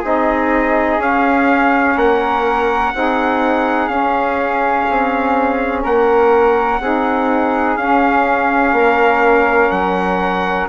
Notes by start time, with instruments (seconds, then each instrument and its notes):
0.00 bassoon C4, saxophone D#4, flute G#4, trumpet D#5
0.98 bassoon C#4, saxophone C#4, trumpet F5
1.96 bassoon A#3, flute A#4, trumpet F#5
2.95 bassoon C4, saxophone D#4, flute G#4
3.88 bassoon C#4, saxophone C#4, trumpet F5
4.90 bassoon C4
5.83 bassoon A#3, flute A#4, trumpet F#5
6.80 bassoon C4, saxophone D#4, flute G#4
7.77 bassoon C#4, saxophone C#4, trumpet F5
8.73 bassoon A#3, flute A#4
9.71 bassoon F#3, trumpet F#5